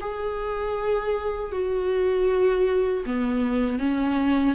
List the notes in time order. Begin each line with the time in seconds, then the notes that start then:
0.00 G#4
1.52 F#4
3.05 B3
3.78 C#4